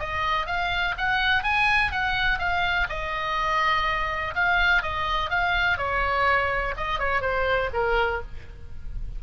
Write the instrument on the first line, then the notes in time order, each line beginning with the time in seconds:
oboe
0.00 D#5
0.47 F5
0.98 F#5
1.44 G#5
1.92 F#5
2.39 F5
2.90 D#5
4.35 F5
4.83 D#5
5.30 F5
5.78 C#5
6.77 D#5
7.00 C#5
7.22 C5
7.74 A#4